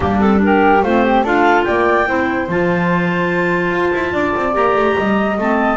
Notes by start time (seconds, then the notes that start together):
0.00 G3 A#3 D4 G4
0.20 C4 A4
0.37 D4
0.43 G4 A#4
0.82 A3 C4 F4 C5
1.03 G4
1.23 D4 F4 A4 F5
1.64 A#3 D5 G5
2.06 C4 E4 C5
2.48 F3 F4 A5
3.71 F4
3.93 E4
4.12 D4 D5
4.36 C4
4.52 A#3 G4 A#5
4.75 A3
4.97 G3 D#5
5.37 A3 C4 A5